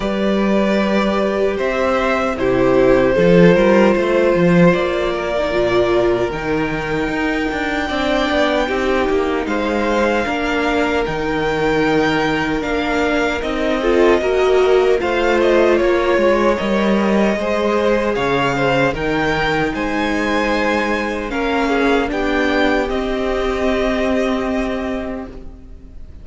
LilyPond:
<<
  \new Staff \with { instrumentName = "violin" } { \time 4/4 \tempo 4 = 76 d''2 e''4 c''4~ | c''2 d''2 | g''1 | f''2 g''2 |
f''4 dis''2 f''8 dis''8 | cis''4 dis''2 f''4 | g''4 gis''2 f''4 | g''4 dis''2. | }
  \new Staff \with { instrumentName = "violin" } { \time 4/4 b'2 c''4 g'4 | a'8 ais'8 c''4. ais'4.~ | ais'2 d''4 g'4 | c''4 ais'2.~ |
ais'4. a'8 ais'4 c''4 | cis''2 c''4 cis''8 c''8 | ais'4 c''2 ais'8 gis'8 | g'1 | }
  \new Staff \with { instrumentName = "viola" } { \time 4/4 g'2. e'4 | f'2~ f'8. dis'16 f'4 | dis'2 d'4 dis'4~ | dis'4 d'4 dis'2 |
d'4 dis'8 f'8 fis'4 f'4~ | f'4 ais'4 gis'2 | dis'2. cis'4 | d'4 c'2. | }
  \new Staff \with { instrumentName = "cello" } { \time 4/4 g2 c'4 c4 | f8 g8 a8 f8 ais4 ais,4 | dis4 dis'8 d'8 c'8 b8 c'8 ais8 | gis4 ais4 dis2 |
ais4 c'4 ais4 a4 | ais8 gis8 g4 gis4 cis4 | dis4 gis2 ais4 | b4 c'2. | }
>>